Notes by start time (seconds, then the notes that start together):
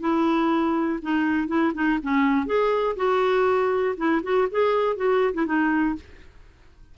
0.00 E4
1.02 D#4
1.48 E4
1.74 D#4
2.02 C#4
2.46 G#4
2.96 F#4
3.97 E4
4.23 F#4
4.51 G#4
4.96 F#4
5.34 E4
5.45 D#4